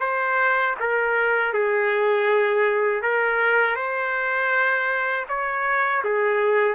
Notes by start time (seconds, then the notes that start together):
0.00 C5
0.79 A#4
1.53 G#4
3.02 A#4
3.75 C5
5.28 C#5
6.04 G#4